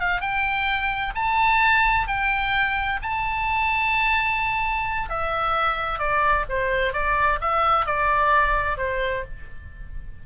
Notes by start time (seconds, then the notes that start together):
0.00 F5
0.21 G5
1.15 A5
2.07 G5
3.02 A5
5.09 E5
5.99 D5
6.49 C5
6.93 D5
7.41 E5
7.86 D5
8.78 C5